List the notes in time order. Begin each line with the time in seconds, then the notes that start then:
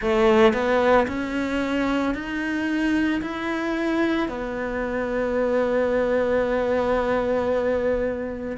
0.01 A3
0.53 B3
1.07 C#4
2.14 D#4
3.21 E4
4.28 B3